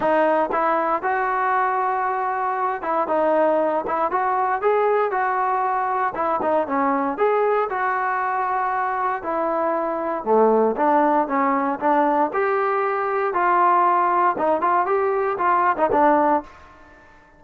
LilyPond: \new Staff \with { instrumentName = "trombone" } { \time 4/4 \tempo 4 = 117 dis'4 e'4 fis'2~ | fis'4. e'8 dis'4. e'8 | fis'4 gis'4 fis'2 | e'8 dis'8 cis'4 gis'4 fis'4~ |
fis'2 e'2 | a4 d'4 cis'4 d'4 | g'2 f'2 | dis'8 f'8 g'4 f'8. dis'16 d'4 | }